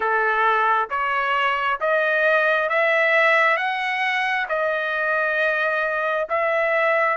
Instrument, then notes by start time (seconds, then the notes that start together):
trumpet
0.00 A4
0.90 C#5
1.80 D#5
2.69 E5
3.56 F#5
4.49 D#5
6.29 E5